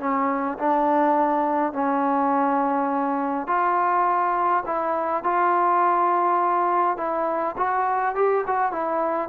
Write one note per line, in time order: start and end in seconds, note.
0.00 0.58 C#4
0.59 1.73 D4
1.73 3.47 C#4
3.47 4.64 F4
4.66 5.24 E4
5.24 6.97 F4
6.97 7.56 E4
7.57 8.16 F#4
8.16 8.45 G4
8.47 8.72 F#4
8.72 9.29 E4